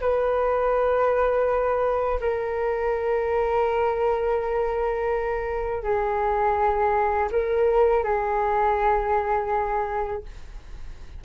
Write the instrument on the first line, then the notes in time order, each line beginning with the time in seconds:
flute
0.00 B4
2.20 A#4
5.83 G#4
7.31 A#4
8.04 G#4